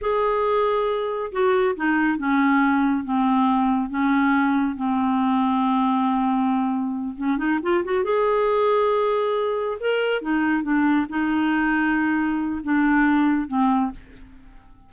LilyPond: \new Staff \with { instrumentName = "clarinet" } { \time 4/4 \tempo 4 = 138 gis'2. fis'4 | dis'4 cis'2 c'4~ | c'4 cis'2 c'4~ | c'1~ |
c'8 cis'8 dis'8 f'8 fis'8 gis'4.~ | gis'2~ gis'8 ais'4 dis'8~ | dis'8 d'4 dis'2~ dis'8~ | dis'4 d'2 c'4 | }